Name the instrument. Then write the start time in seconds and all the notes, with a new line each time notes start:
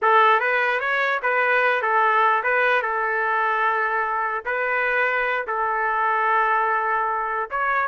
trumpet
0.01 A4
0.39 B4
0.80 C#5
1.22 B4
1.82 A4
2.43 B4
2.82 A4
4.45 B4
5.47 A4
7.50 C#5